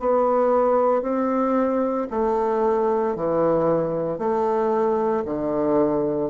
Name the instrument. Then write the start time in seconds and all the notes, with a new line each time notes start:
bassoon
0.00 B3
1.02 C4
2.11 A3
3.16 E3
4.19 A3
5.26 D3